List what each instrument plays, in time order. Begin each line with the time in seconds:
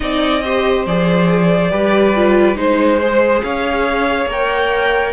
0.00 cello C4, viola D#4, violin D5 D#5
0.43 viola G4, violin C5
0.86 cello F3, viola G#4, violin D5
1.70 cello G3, viola G4, violin B4
2.15 viola F4
2.55 cello G#3, viola D#4, violin C5
3.02 viola G#4
3.42 cello C#4, violin C#5 F5
4.25 cello A#3, viola A#4, violin G5